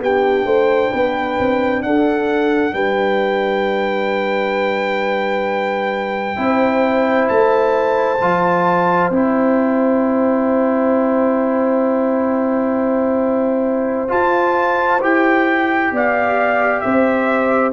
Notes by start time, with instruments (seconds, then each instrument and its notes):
0.00 tuba B3, trombone D4, horn G4, trumpet G5
0.45 tuba A3, horn C5
0.92 tuba B3, horn B4
1.40 tuba C4
1.83 tuba D4, horn A4, trumpet F#5
2.73 tuba G3, horn B4, trumpet G5
6.37 tuba C4, trombone E4, horn C5
7.29 tuba A3, trumpet A5
8.21 tuba F3, trombone F4
9.10 tuba C4, trombone E4, trumpet G5
14.09 trombone F4, tuba F4, trumpet A5
15.02 tuba E4, trombone G4, trumpet G5
15.92 tuba B3, horn D5, trumpet F5
16.81 tuba C4, horn C5, trumpet E5